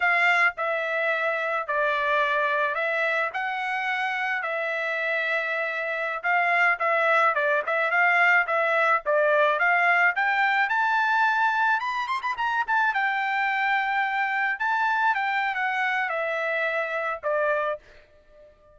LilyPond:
\new Staff \with { instrumentName = "trumpet" } { \time 4/4 \tempo 4 = 108 f''4 e''2 d''4~ | d''4 e''4 fis''2 | e''2.~ e''16 f''8.~ | f''16 e''4 d''8 e''8 f''4 e''8.~ |
e''16 d''4 f''4 g''4 a''8.~ | a''4~ a''16 b''8 c'''16 b''16 ais''8 a''8 g''8.~ | g''2~ g''16 a''4 g''8. | fis''4 e''2 d''4 | }